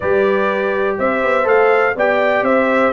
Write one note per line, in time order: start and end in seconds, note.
0.00 0.98 G3
0.00 1.43 G4
0.00 0.97 B4
0.00 0.96 D5
0.98 1.23 C4
0.98 1.96 C5
0.98 1.47 E5
1.23 1.46 B3
1.43 1.95 A3
1.43 1.92 A4
1.43 1.96 F5
1.95 2.42 B3
1.95 2.92 G4
1.95 2.44 D5
1.95 2.44 G5
2.42 2.90 C4
2.42 2.92 C5
2.42 2.92 E5